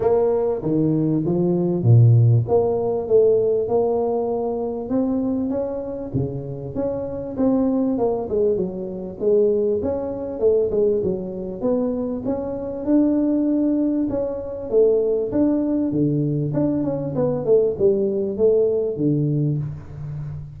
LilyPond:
\new Staff \with { instrumentName = "tuba" } { \time 4/4 \tempo 4 = 98 ais4 dis4 f4 ais,4 | ais4 a4 ais2 | c'4 cis'4 cis4 cis'4 | c'4 ais8 gis8 fis4 gis4 |
cis'4 a8 gis8 fis4 b4 | cis'4 d'2 cis'4 | a4 d'4 d4 d'8 cis'8 | b8 a8 g4 a4 d4 | }